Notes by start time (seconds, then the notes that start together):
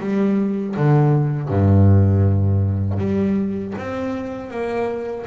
0.00 G3
0.77 D3
1.49 G2
2.99 G3
3.78 C4
4.50 A#3